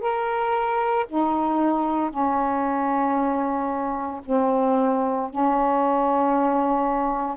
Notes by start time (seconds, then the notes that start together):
0.00 A#4
1.09 D#4
2.10 C#4
4.25 C4
5.30 C#4